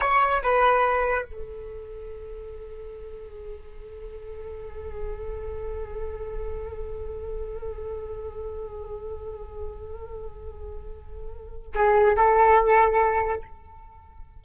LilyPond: \new Staff \with { instrumentName = "flute" } { \time 4/4 \tempo 4 = 143 cis''4 b'2 a'4~ | a'1~ | a'1~ | a'1~ |
a'1~ | a'1~ | a'1 | gis'4 a'2. | }